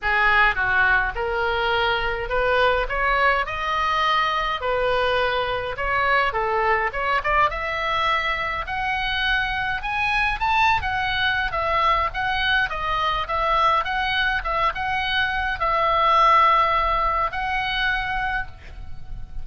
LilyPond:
\new Staff \with { instrumentName = "oboe" } { \time 4/4 \tempo 4 = 104 gis'4 fis'4 ais'2 | b'4 cis''4 dis''2 | b'2 cis''4 a'4 | cis''8 d''8 e''2 fis''4~ |
fis''4 gis''4 a''8. fis''4~ fis''16 | e''4 fis''4 dis''4 e''4 | fis''4 e''8 fis''4. e''4~ | e''2 fis''2 | }